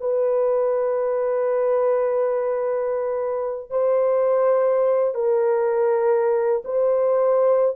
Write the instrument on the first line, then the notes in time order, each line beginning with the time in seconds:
horn
0.00 B4
3.70 C5
5.14 A#4
6.64 C5